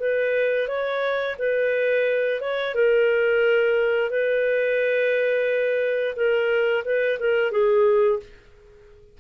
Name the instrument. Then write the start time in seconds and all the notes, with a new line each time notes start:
clarinet
0.00 B4
0.68 C#5
1.39 B4
2.41 C#5
2.75 A#4
4.11 B4
6.16 A#4
6.85 B4
7.20 A#4
7.52 G#4